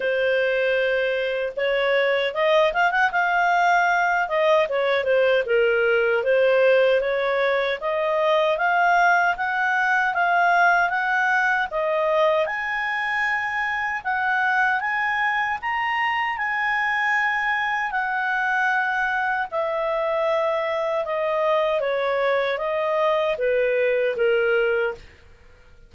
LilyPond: \new Staff \with { instrumentName = "clarinet" } { \time 4/4 \tempo 4 = 77 c''2 cis''4 dis''8 f''16 fis''16 | f''4. dis''8 cis''8 c''8 ais'4 | c''4 cis''4 dis''4 f''4 | fis''4 f''4 fis''4 dis''4 |
gis''2 fis''4 gis''4 | ais''4 gis''2 fis''4~ | fis''4 e''2 dis''4 | cis''4 dis''4 b'4 ais'4 | }